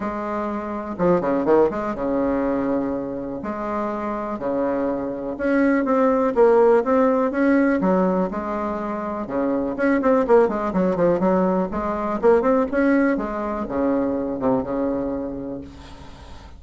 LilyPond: \new Staff \with { instrumentName = "bassoon" } { \time 4/4 \tempo 4 = 123 gis2 f8 cis8 dis8 gis8 | cis2. gis4~ | gis4 cis2 cis'4 | c'4 ais4 c'4 cis'4 |
fis4 gis2 cis4 | cis'8 c'8 ais8 gis8 fis8 f8 fis4 | gis4 ais8 c'8 cis'4 gis4 | cis4. c8 cis2 | }